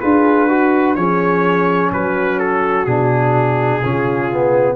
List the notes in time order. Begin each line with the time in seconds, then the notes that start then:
0.00 D4 F4 G#4 B4
0.48 F#4
0.95 F3 C#4 G#4 C#5
1.92 F#3 F#4 B4
2.39 A4
2.85 B2 D4 G#4
3.84 C#3 C#4 F4
4.31 B3